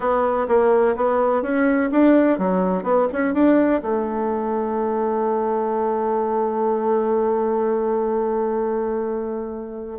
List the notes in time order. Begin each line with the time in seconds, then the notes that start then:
0.00 B3
0.48 A#3
0.95 B3
1.42 C#4
1.91 D4
2.38 F#3
2.83 B3
3.12 C#4
3.33 D4
3.82 A3